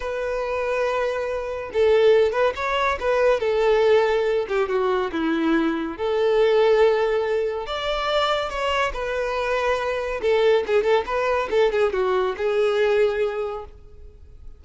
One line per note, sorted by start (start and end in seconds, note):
0.00 1.70 B4
1.73 2.32 A4
2.32 2.53 B4
2.55 2.98 C#5
2.99 3.39 B4
3.39 4.46 A4
4.48 4.68 G4
4.68 5.11 F#4
5.12 5.97 E4
5.97 7.66 A4
7.66 8.49 D5
8.49 8.92 C#5
8.93 10.20 B4
10.21 10.64 A4
10.67 10.83 G#4
10.83 11.04 A4
11.06 11.48 B4
11.50 11.71 A4
11.72 11.92 G#4
11.92 12.35 F#4
12.37 13.65 G#4